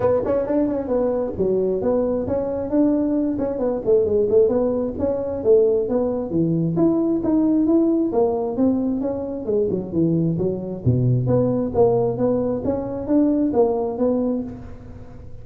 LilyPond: \new Staff \with { instrumentName = "tuba" } { \time 4/4 \tempo 4 = 133 b8 cis'8 d'8 cis'8 b4 fis4 | b4 cis'4 d'4. cis'8 | b8 a8 gis8 a8 b4 cis'4 | a4 b4 e4 e'4 |
dis'4 e'4 ais4 c'4 | cis'4 gis8 fis8 e4 fis4 | b,4 b4 ais4 b4 | cis'4 d'4 ais4 b4 | }